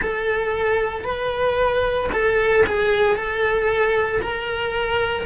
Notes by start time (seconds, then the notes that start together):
0.01 A4
1.04 B4
2.12 A4
2.66 G#4
3.15 A4
4.21 A#4